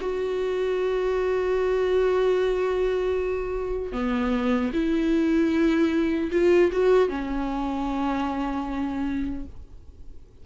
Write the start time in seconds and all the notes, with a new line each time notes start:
0.00 F#4
3.92 B3
4.73 E4
6.31 F4
6.71 F#4
7.08 C#4